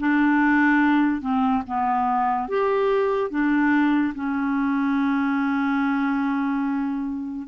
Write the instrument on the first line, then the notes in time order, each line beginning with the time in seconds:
clarinet
0.00 D4
1.21 C4
1.67 B3
2.48 G4
3.30 D4
4.15 C#4